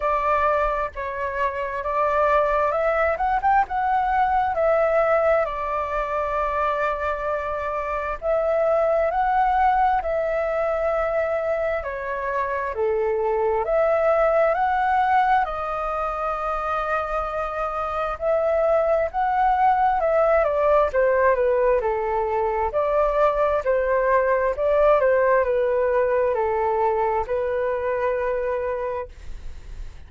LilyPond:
\new Staff \with { instrumentName = "flute" } { \time 4/4 \tempo 4 = 66 d''4 cis''4 d''4 e''8 fis''16 g''16 | fis''4 e''4 d''2~ | d''4 e''4 fis''4 e''4~ | e''4 cis''4 a'4 e''4 |
fis''4 dis''2. | e''4 fis''4 e''8 d''8 c''8 b'8 | a'4 d''4 c''4 d''8 c''8 | b'4 a'4 b'2 | }